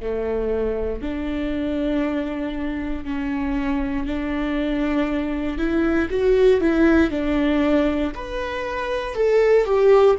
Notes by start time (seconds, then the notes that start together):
0.00 A3
1.02 D4
3.05 C#4
4.06 D4
5.57 E4
6.10 F#4
6.61 E4
7.10 D4
8.15 B4
9.15 A4
9.65 G4